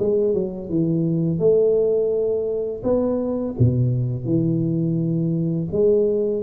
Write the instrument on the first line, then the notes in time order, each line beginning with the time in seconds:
tuba
0.00 G#3
0.34 F#3
0.70 E3
1.40 A3
2.84 B3
3.59 B2
4.25 E3
5.72 G#3